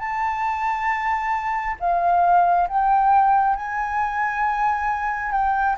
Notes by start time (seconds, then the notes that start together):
0.00 A5
1.80 F5
2.68 G5
3.56 G#5
5.32 G5